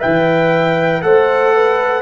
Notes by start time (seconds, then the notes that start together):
0.00 E3 B4 E5 G5
1.02 A3 A4 C5 F#5
1.55 B4